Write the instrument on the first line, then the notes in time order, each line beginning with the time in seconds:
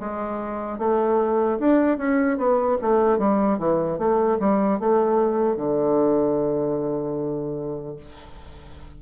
bassoon
0.00 G#3
0.79 A3
1.60 D4
1.98 C#4
2.38 B3
2.82 A3
3.19 G3
3.59 E3
3.99 A3
4.40 G3
4.80 A3
5.57 D3